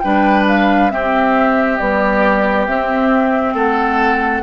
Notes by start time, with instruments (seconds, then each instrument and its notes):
0.00 bassoon G3, clarinet D4, oboe B4, flute G5
0.48 flute F5
0.91 clarinet C4, bassoon C4, oboe G4, flute E5
1.77 clarinet G3, bassoon B3, flute D5
2.67 bassoon C4, clarinet C4, flute E5
3.54 bassoon A3, oboe A4, flute F#5